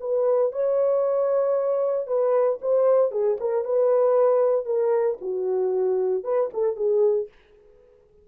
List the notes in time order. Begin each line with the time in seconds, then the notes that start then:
0.00 B4
0.52 C#5
2.07 B4
2.61 C5
3.11 G#4
3.40 A#4
3.65 B4
4.65 A#4
5.21 F#4
6.23 B4
6.53 A4
6.76 G#4